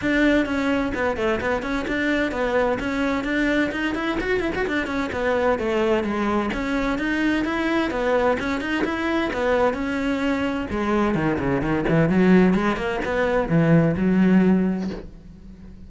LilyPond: \new Staff \with { instrumentName = "cello" } { \time 4/4 \tempo 4 = 129 d'4 cis'4 b8 a8 b8 cis'8 | d'4 b4 cis'4 d'4 | dis'8 e'8 fis'8 e'16 fis'16 d'8 cis'8 b4 | a4 gis4 cis'4 dis'4 |
e'4 b4 cis'8 dis'8 e'4 | b4 cis'2 gis4 | dis8 cis8 dis8 e8 fis4 gis8 ais8 | b4 e4 fis2 | }